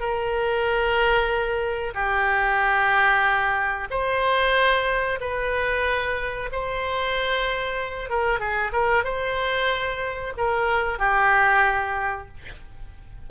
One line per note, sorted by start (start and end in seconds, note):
0.00 1.94 A#4
1.95 3.88 G4
3.90 5.19 C5
5.21 6.50 B4
6.52 8.10 C5
8.10 8.40 A#4
8.40 8.72 G#4
8.72 9.04 A#4
9.04 10.33 C5
10.37 10.99 A#4
10.99 12.28 G4